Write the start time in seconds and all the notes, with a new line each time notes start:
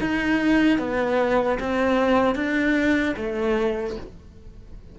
0.00 D#4
0.78 B3
1.59 C4
2.35 D4
3.16 A3